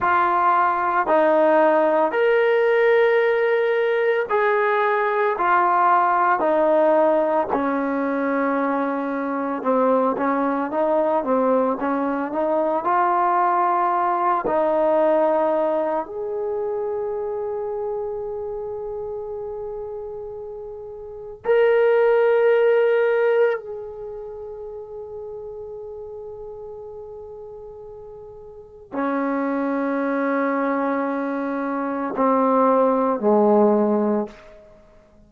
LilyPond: \new Staff \with { instrumentName = "trombone" } { \time 4/4 \tempo 4 = 56 f'4 dis'4 ais'2 | gis'4 f'4 dis'4 cis'4~ | cis'4 c'8 cis'8 dis'8 c'8 cis'8 dis'8 | f'4. dis'4. gis'4~ |
gis'1 | ais'2 gis'2~ | gis'2. cis'4~ | cis'2 c'4 gis4 | }